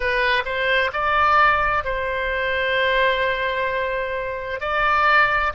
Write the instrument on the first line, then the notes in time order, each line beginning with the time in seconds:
oboe
0.00 B4
0.45 C5
0.92 D5
1.84 C5
4.60 D5